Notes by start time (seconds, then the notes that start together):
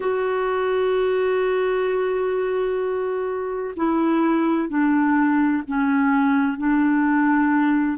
0.00 F#4
3.76 E4
4.69 D4
5.67 C#4
6.57 D4